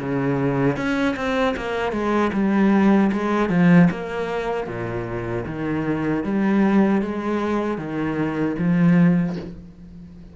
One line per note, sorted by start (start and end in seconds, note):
0.00 0.77 C#3
0.77 1.16 C#4
1.17 1.55 C4
1.57 1.93 A#3
1.93 2.32 G#3
2.33 3.11 G3
3.13 3.50 G#3
3.50 3.89 F3
3.91 4.68 A#3
4.68 5.45 A#2
5.47 6.24 D#3
6.24 7.02 G3
7.02 7.78 G#3
7.78 8.56 D#3
8.59 9.36 F3